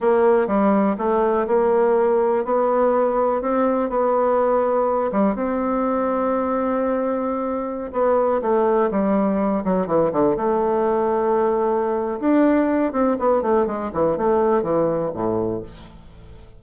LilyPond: \new Staff \with { instrumentName = "bassoon" } { \time 4/4 \tempo 4 = 123 ais4 g4 a4 ais4~ | ais4 b2 c'4 | b2~ b8 g8 c'4~ | c'1~ |
c'16 b4 a4 g4. fis16~ | fis16 e8 d8 a2~ a8.~ | a4 d'4. c'8 b8 a8 | gis8 e8 a4 e4 a,4 | }